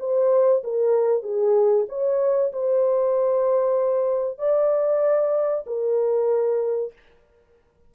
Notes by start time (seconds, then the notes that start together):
0.00 C5
0.64 A#4
1.23 G#4
1.89 C#5
2.53 C5
4.39 D5
5.67 A#4